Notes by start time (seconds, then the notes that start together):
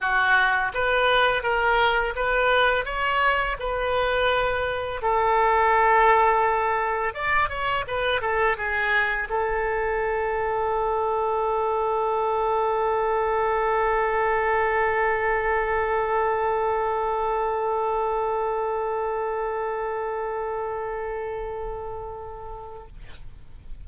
0.00 F#4
0.74 B4
1.42 A#4
2.15 B4
2.85 C#5
3.59 B4
5.02 A4
7.14 D5
7.49 C#5
7.87 B4
8.21 A4
8.57 G#4
9.29 A4